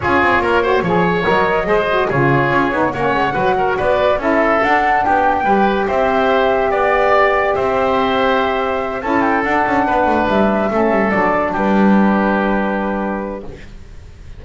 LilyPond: <<
  \new Staff \with { instrumentName = "flute" } { \time 4/4 \tempo 4 = 143 cis''2. dis''4~ | dis''4 cis''2 fis''4~ | fis''4 d''4 e''4 fis''4 | g''2 e''2 |
d''2 e''2~ | e''4. a''8 g''8 fis''4.~ | fis''8 e''2 d''4 b'8~ | b'1 | }
  \new Staff \with { instrumentName = "oboe" } { \time 4/4 gis'4 ais'8 c''8 cis''2 | c''4 gis'2 cis''4 | b'8 ais'8 b'4 a'2 | g'4 b'4 c''2 |
d''2 c''2~ | c''4. a'2 b'8~ | b'4. a'2 g'8~ | g'1 | }
  \new Staff \with { instrumentName = "saxophone" } { \time 4/4 f'4. fis'8 gis'4 ais'4 | gis'8 fis'8 f'4. dis'8 cis'4 | fis'2 e'4 d'4~ | d'4 g'2.~ |
g'1~ | g'4. e'4 d'4.~ | d'4. cis'4 d'4.~ | d'1 | }
  \new Staff \with { instrumentName = "double bass" } { \time 4/4 cis'8 c'8 ais4 f4 fis4 | gis4 cis4 cis'8 b8 ais8 gis8 | fis4 b4 cis'4 d'4 | b4 g4 c'2 |
b2 c'2~ | c'4. cis'4 d'8 cis'8 b8 | a8 g4 a8 g8 fis4 g8~ | g1 | }
>>